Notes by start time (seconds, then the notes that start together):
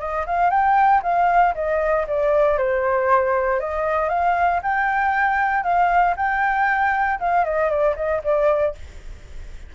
0.00 D#5
0.27 F5
0.51 G5
1.03 F5
1.55 D#5
2.08 D5
2.59 C5
3.60 D#5
4.10 F5
4.63 G5
5.64 F5
6.17 G5
7.20 F5
7.45 D#5
7.70 D5
7.97 D#5
8.24 D5